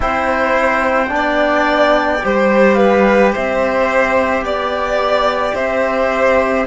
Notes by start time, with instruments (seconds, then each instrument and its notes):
0.00 cello C4, trombone E4, violin C5, flute G5
1.08 cello B3, trombone D4
1.15 violin D5
2.22 cello G3, trombone G4, violin C5
2.74 violin B4, flute F5
3.32 cello C4, violin C5, flute E5
4.41 cello B3, violin D5, flute D5
5.54 cello C4, violin C5, flute E5